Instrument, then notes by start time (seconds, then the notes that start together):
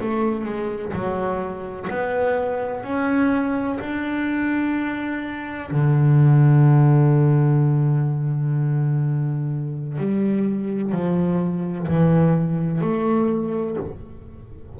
double bass
0.00 A3
0.45 G#3
0.93 F#3
1.90 B3
2.84 C#4
3.80 D4
5.71 D3
9.98 G3
10.92 F3
11.88 E3
12.81 A3